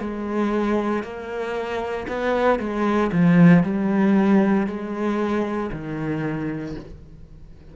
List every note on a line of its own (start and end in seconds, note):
0.00 1.03 G#3
1.03 2.07 A#3
2.08 2.59 B3
2.59 3.11 G#3
3.12 3.63 F3
3.63 4.67 G3
4.67 5.70 G#3
5.72 6.76 D#3